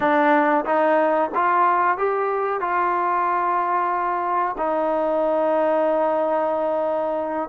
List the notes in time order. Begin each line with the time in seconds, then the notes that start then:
0.00 D4
0.65 D#4
1.34 F4
1.97 G4
2.60 F4
4.57 D#4